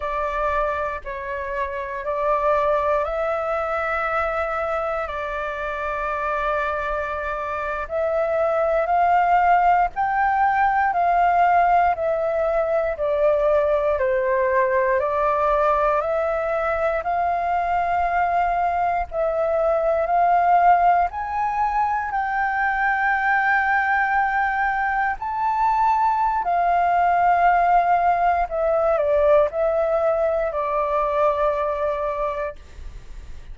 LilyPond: \new Staff \with { instrumentName = "flute" } { \time 4/4 \tempo 4 = 59 d''4 cis''4 d''4 e''4~ | e''4 d''2~ d''8. e''16~ | e''8. f''4 g''4 f''4 e''16~ | e''8. d''4 c''4 d''4 e''16~ |
e''8. f''2 e''4 f''16~ | f''8. gis''4 g''2~ g''16~ | g''8. a''4~ a''16 f''2 | e''8 d''8 e''4 d''2 | }